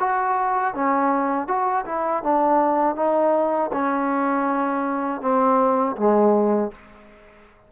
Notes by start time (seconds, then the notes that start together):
0.00 F#4
0.75 C#4
1.48 F#4
1.86 E4
2.24 D4
2.96 D#4
3.73 C#4
5.21 C4
5.97 G#3